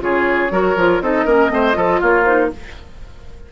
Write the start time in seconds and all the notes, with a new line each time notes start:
0.00 C#3 F4 G#4 C#5
0.51 F#3 F#4 A#4
0.76 F3 F4
1.01 C4 D#4 A4 D#5
1.25 A#3 C#4 A#4
1.49 A3 C4 C5
1.73 F3 F4 A4
2.00 A#3 F4 C#5
2.24 D#4 C5